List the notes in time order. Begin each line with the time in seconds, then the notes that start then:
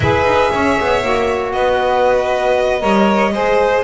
0.00 E4 G#4 B4 E5
0.24 D#4
0.51 C#4 C#5
0.80 B3
1.02 A#3 F#4
1.52 B3 B4 D#5
2.79 G3 A#4 C#5
3.32 G#3 G#4 C5